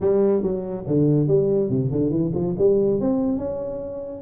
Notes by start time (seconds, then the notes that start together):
0.00 G3
0.42 F#3
0.87 D3
1.27 G3
1.69 C3
1.91 D3
2.10 E3
2.34 F3
2.58 G3
3.00 C4
3.37 C#4